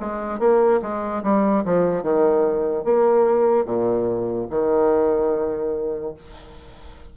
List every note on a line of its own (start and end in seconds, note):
0.00 0.39 G#3
0.39 0.80 A#3
0.82 1.23 G#3
1.23 1.64 G3
1.65 2.03 F3
2.03 2.85 D#3
2.85 3.65 A#3
3.65 4.47 A#2
4.50 6.15 D#3